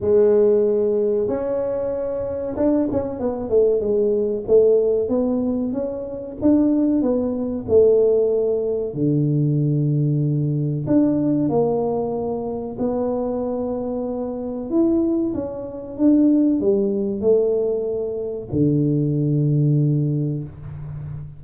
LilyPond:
\new Staff \with { instrumentName = "tuba" } { \time 4/4 \tempo 4 = 94 gis2 cis'2 | d'8 cis'8 b8 a8 gis4 a4 | b4 cis'4 d'4 b4 | a2 d2~ |
d4 d'4 ais2 | b2. e'4 | cis'4 d'4 g4 a4~ | a4 d2. | }